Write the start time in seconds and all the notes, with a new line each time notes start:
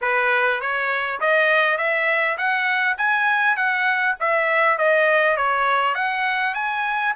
0.01 B4
0.60 C#5
1.20 D#5
1.77 E5
2.37 F#5
2.97 G#5
3.56 F#5
4.20 E5
4.77 D#5
5.37 C#5
5.94 F#5
6.54 G#5